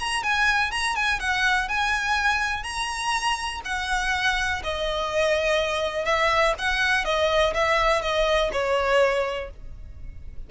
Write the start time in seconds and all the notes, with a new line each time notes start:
0.00 A#5
0.24 G#5
0.72 A#5
0.96 G#5
1.20 F#5
1.69 G#5
2.64 A#5
3.65 F#5
4.64 D#5
6.06 E5
6.59 F#5
7.05 D#5
7.55 E5
8.02 D#5
8.53 C#5